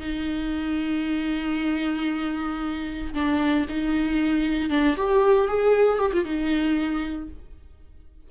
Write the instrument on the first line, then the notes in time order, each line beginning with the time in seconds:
viola
0.00 D#4
3.13 D4
3.69 D#4
4.70 D4
4.96 G4
5.48 G#4
5.99 G4
6.13 F4
6.24 D#4